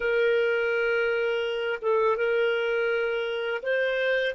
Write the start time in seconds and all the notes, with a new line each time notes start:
0.00 A#4
1.81 A4
2.17 A#4
3.62 C5